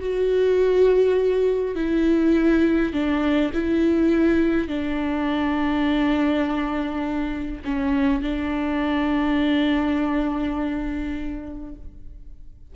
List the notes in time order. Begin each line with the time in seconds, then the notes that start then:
0.00 F#4
1.75 E4
2.93 D4
3.53 E4
4.67 D4
7.64 C#4
8.22 D4